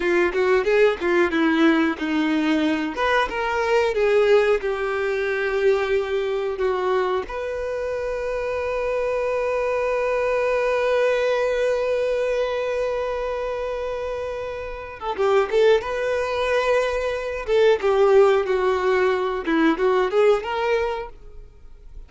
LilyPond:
\new Staff \with { instrumentName = "violin" } { \time 4/4 \tempo 4 = 91 f'8 fis'8 gis'8 f'8 e'4 dis'4~ | dis'8 b'8 ais'4 gis'4 g'4~ | g'2 fis'4 b'4~ | b'1~ |
b'1~ | b'2~ b'8. a'16 g'8 a'8 | b'2~ b'8 a'8 g'4 | fis'4. e'8 fis'8 gis'8 ais'4 | }